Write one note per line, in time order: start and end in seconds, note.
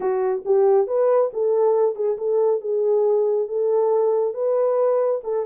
0.00 0.43 F#4
0.45 0.87 G4
0.87 1.30 B4
1.33 1.95 A4
1.95 2.17 G#4
2.17 2.60 A4
2.60 3.47 G#4
3.48 4.33 A4
4.33 5.20 B4
5.23 5.45 A4